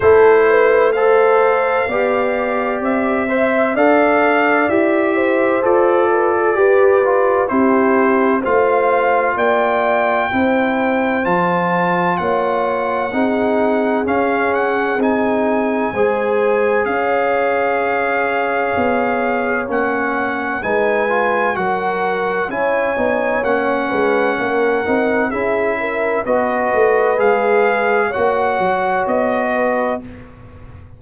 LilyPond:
<<
  \new Staff \with { instrumentName = "trumpet" } { \time 4/4 \tempo 4 = 64 c''4 f''2 e''4 | f''4 e''4 d''2 | c''4 f''4 g''2 | a''4 fis''2 f''8 fis''8 |
gis''2 f''2~ | f''4 fis''4 gis''4 fis''4 | gis''4 fis''2 e''4 | dis''4 f''4 fis''4 dis''4 | }
  \new Staff \with { instrumentName = "horn" } { \time 4/4 a'8 b'8 c''4 d''4. e''8 | d''4. c''4 b'16 a'16 b'4 | g'4 c''4 d''4 c''4~ | c''4 cis''4 gis'2~ |
gis'4 c''4 cis''2~ | cis''2 b'4 ais'4 | cis''4. b'8 ais'4 gis'8 ais'8 | b'2 cis''4. b'8 | }
  \new Staff \with { instrumentName = "trombone" } { \time 4/4 e'4 a'4 g'4. c''8 | a'4 g'4 a'4 g'8 f'8 | e'4 f'2 e'4 | f'2 dis'4 cis'4 |
dis'4 gis'2.~ | gis'4 cis'4 dis'8 f'8 fis'4 | e'8 dis'8 cis'4. dis'8 e'4 | fis'4 gis'4 fis'2 | }
  \new Staff \with { instrumentName = "tuba" } { \time 4/4 a2 b4 c'4 | d'4 e'4 f'4 g'4 | c'4 a4 ais4 c'4 | f4 ais4 c'4 cis'4 |
c'4 gis4 cis'2 | b4 ais4 gis4 fis4 | cis'8 b8 ais8 gis8 ais8 c'8 cis'4 | b8 a8 gis4 ais8 fis8 b4 | }
>>